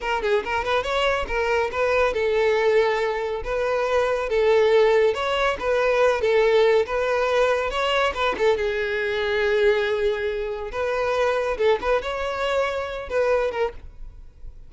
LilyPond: \new Staff \with { instrumentName = "violin" } { \time 4/4 \tempo 4 = 140 ais'8 gis'8 ais'8 b'8 cis''4 ais'4 | b'4 a'2. | b'2 a'2 | cis''4 b'4. a'4. |
b'2 cis''4 b'8 a'8 | gis'1~ | gis'4 b'2 a'8 b'8 | cis''2~ cis''8 b'4 ais'8 | }